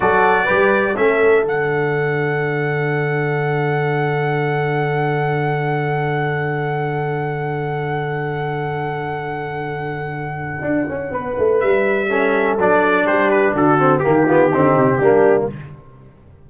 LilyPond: <<
  \new Staff \with { instrumentName = "trumpet" } { \time 4/4 \tempo 4 = 124 d''2 e''4 fis''4~ | fis''1~ | fis''1~ | fis''1~ |
fis''1~ | fis''1 | e''2 d''4 c''8 b'8 | a'4 g'2. | }
  \new Staff \with { instrumentName = "horn" } { \time 4/4 a'4 b'4 a'2~ | a'1~ | a'1~ | a'1~ |
a'1~ | a'2. b'4~ | b'4 a'2 g'4 | fis'4 g'8 f'8 dis'4 d'4 | }
  \new Staff \with { instrumentName = "trombone" } { \time 4/4 fis'4 g'4 cis'4 d'4~ | d'1~ | d'1~ | d'1~ |
d'1~ | d'1~ | d'4 cis'4 d'2~ | d'8 c'8 ais8 b8 c'4 ais4 | }
  \new Staff \with { instrumentName = "tuba" } { \time 4/4 fis4 g4 a4 d4~ | d1~ | d1~ | d1~ |
d1~ | d2 d'8 cis'8 b8 a8 | g2 fis4 g4 | d4 dis4 d8 c8 g4 | }
>>